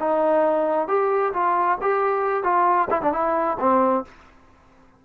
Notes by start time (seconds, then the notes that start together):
0.00 D#4
0.88 G4
1.34 F4
1.82 G4
2.44 F4
2.91 E4
3.02 D4
3.13 E4
3.60 C4